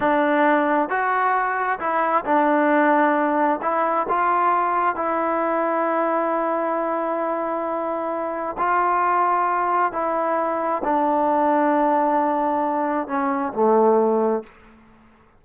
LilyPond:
\new Staff \with { instrumentName = "trombone" } { \time 4/4 \tempo 4 = 133 d'2 fis'2 | e'4 d'2. | e'4 f'2 e'4~ | e'1~ |
e'2. f'4~ | f'2 e'2 | d'1~ | d'4 cis'4 a2 | }